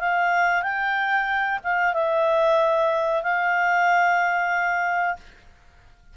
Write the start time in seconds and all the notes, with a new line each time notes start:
0.00 F5
0.63 G5
1.64 F5
1.94 E5
3.23 F5